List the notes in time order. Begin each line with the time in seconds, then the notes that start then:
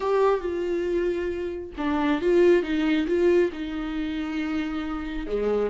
0.00 G4
0.40 F4
1.77 D4
2.21 F4
2.63 D#4
3.07 F4
3.52 D#4
5.27 G#3